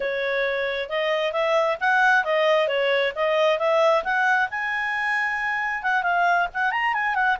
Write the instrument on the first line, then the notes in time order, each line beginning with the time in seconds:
clarinet
0.00 C#5
0.89 D#5
1.32 E5
1.80 F#5
2.24 D#5
2.68 C#5
3.15 D#5
3.59 E5
4.04 F#5
4.50 G#5
5.82 F#5
6.02 F5
6.53 F#5
6.71 A#5
6.93 G#5
7.15 F#5